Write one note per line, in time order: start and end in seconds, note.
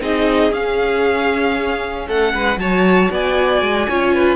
0.00 0.51 C4
0.00 0.51 D#4
0.00 2.06 G#4
0.00 0.53 D#5
0.51 2.06 C#4
0.51 2.58 C#4
0.51 2.08 F5
2.06 2.33 A3
2.06 2.32 A4
2.06 2.59 F#5
2.33 2.57 G#3
2.33 2.59 B4
2.57 3.08 F#3
2.57 3.89 F#4
2.57 3.11 C#5
2.57 3.11 A5
3.10 3.61 B3
3.10 3.88 D5
3.10 4.36 G#5
3.61 3.87 G#3
3.88 4.36 C#4
3.88 4.36 F4
3.88 4.14 C#5
4.14 4.36 B4